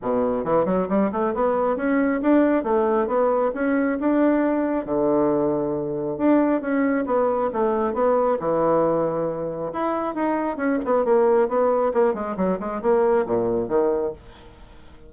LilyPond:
\new Staff \with { instrumentName = "bassoon" } { \time 4/4 \tempo 4 = 136 b,4 e8 fis8 g8 a8 b4 | cis'4 d'4 a4 b4 | cis'4 d'2 d4~ | d2 d'4 cis'4 |
b4 a4 b4 e4~ | e2 e'4 dis'4 | cis'8 b8 ais4 b4 ais8 gis8 | fis8 gis8 ais4 ais,4 dis4 | }